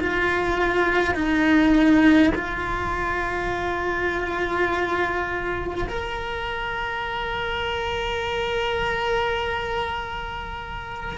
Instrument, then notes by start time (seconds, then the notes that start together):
cello
0.00 F4
1.14 D#4
2.34 F4
5.88 A#4